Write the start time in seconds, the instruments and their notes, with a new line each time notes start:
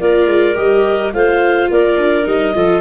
0.00 tuba A#3, viola F4, clarinet A#4 D5
0.26 tuba G#3
0.55 tuba G3, viola G4, clarinet D#5
1.13 tuba A3, viola F4, clarinet C5 F5
1.71 tuba A#3, clarinet A#4 D5
1.97 tuba D4
2.24 tuba G3, viola D#4, clarinet D#5
2.55 tuba F3, viola F4, clarinet A4